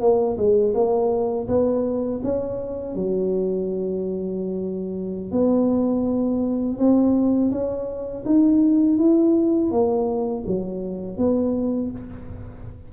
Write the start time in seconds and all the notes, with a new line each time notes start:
0.00 A#3
0.37 G#3
0.74 A#3
1.48 B3
2.23 C#4
2.95 F#3
5.31 B3
6.78 C4
7.51 C#4
8.25 D#4
8.98 E4
9.71 A#3
10.46 F#3
11.17 B3